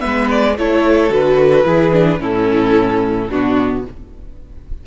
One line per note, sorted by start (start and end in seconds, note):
0.00 0.58 G#3
0.00 0.55 B3
0.00 0.55 B4
0.00 0.28 E5
0.30 0.58 D5
0.58 1.10 A3
0.58 1.10 E4
0.58 1.66 A4
0.58 1.13 C#5
1.10 1.65 D3
1.10 1.64 F#4
1.10 2.22 B4
1.64 2.20 E3
1.64 1.92 E4
1.64 2.21 G#4
1.92 2.19 D4
2.19 3.29 A2
2.19 3.29 C#4
2.19 3.29 E4
2.19 3.31 A4
3.29 3.85 B2
3.29 3.87 B3
3.29 3.84 D4
3.29 3.86 F#4